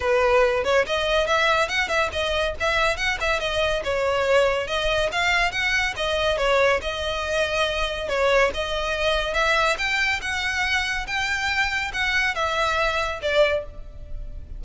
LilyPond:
\new Staff \with { instrumentName = "violin" } { \time 4/4 \tempo 4 = 141 b'4. cis''8 dis''4 e''4 | fis''8 e''8 dis''4 e''4 fis''8 e''8 | dis''4 cis''2 dis''4 | f''4 fis''4 dis''4 cis''4 |
dis''2. cis''4 | dis''2 e''4 g''4 | fis''2 g''2 | fis''4 e''2 d''4 | }